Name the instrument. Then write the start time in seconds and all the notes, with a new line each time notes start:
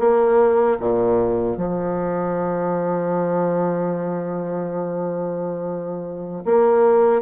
bassoon
0.00 A#3
0.80 A#2
1.58 F3
6.45 A#3